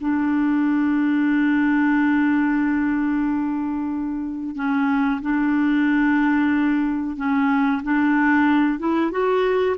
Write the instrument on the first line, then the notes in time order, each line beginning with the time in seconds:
clarinet
0.00 D4
4.55 C#4
5.21 D4
7.16 C#4
7.83 D4
8.79 E4
9.10 F#4